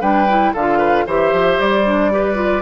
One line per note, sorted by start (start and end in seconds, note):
0.00 0.53 G3
0.00 0.27 D4
0.00 0.52 B4
0.00 0.53 G5
0.29 0.55 E4
0.53 1.06 D3
0.53 1.07 F4
0.53 0.78 A4
0.53 1.07 F5
0.78 1.04 B4
1.06 1.32 E3
1.06 1.85 G4
1.06 2.11 C5
1.06 1.60 E5
1.32 1.58 F3
1.59 2.62 G3
1.59 2.62 D5
1.85 2.11 D4
2.11 2.34 G4
2.11 2.62 B4
2.34 2.61 F4